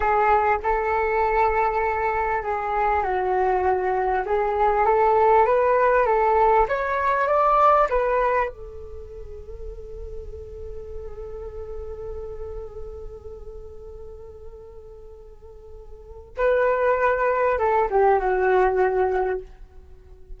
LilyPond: \new Staff \with { instrumentName = "flute" } { \time 4/4 \tempo 4 = 99 gis'4 a'2. | gis'4 fis'2 gis'4 | a'4 b'4 a'4 cis''4 | d''4 b'4 a'2~ |
a'1~ | a'1~ | a'2. b'4~ | b'4 a'8 g'8 fis'2 | }